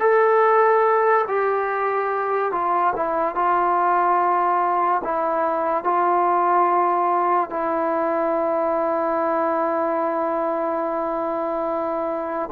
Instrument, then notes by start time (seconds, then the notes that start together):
trombone
0.00 A4
1.28 G4
2.52 F4
2.96 E4
3.35 F4
5.04 E4
5.84 F4
7.50 E4